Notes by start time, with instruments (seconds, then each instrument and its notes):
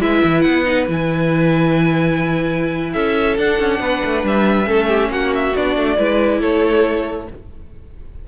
0.00 cello G#3, viola E4, violin B4 E5
0.24 cello E3
0.41 cello B3, violin F#5
0.65 viola D#4
0.87 cello E3, viola E4, violin G#5
2.93 cello C#4, violin A4 E5
3.38 cello D4, viola D4, violin F#5
3.60 cello C#4
3.80 cello B3, violin B4
4.05 cello A3
4.24 cello G3, violin E5
4.65 cello A3, viola C#4, violin A4
4.88 violin G4
5.09 cello A#3, violin F#4 F#5
5.35 violin E5
5.56 cello B3, viola D4, violin D5
5.76 cello A3
5.98 cello G#3, viola E4, violin B4
6.41 cello A3, violin A4 C#5